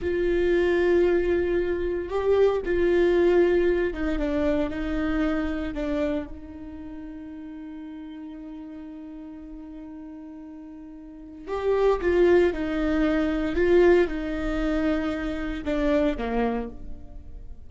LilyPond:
\new Staff \with { instrumentName = "viola" } { \time 4/4 \tempo 4 = 115 f'1 | g'4 f'2~ f'8 dis'8 | d'4 dis'2 d'4 | dis'1~ |
dis'1~ | dis'2 g'4 f'4 | dis'2 f'4 dis'4~ | dis'2 d'4 ais4 | }